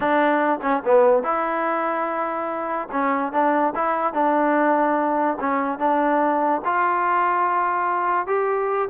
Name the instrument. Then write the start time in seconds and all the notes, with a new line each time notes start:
trombone
0.00 D4
0.62 C#4
0.85 B3
1.23 E4
2.91 C#4
3.32 D4
3.75 E4
4.13 D4
5.40 C#4
5.79 D4
6.64 F4
8.27 G4